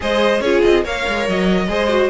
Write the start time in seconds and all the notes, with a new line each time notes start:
0.00 G#3 G#4 C5 D#5
0.39 C#4 F4 G#4 C#5
0.62 C4 D#5
0.83 A#3 A#4 C#5 F5
1.07 G#3
1.28 F#3 D#5
1.68 G#3 G#4 C5
1.88 F#4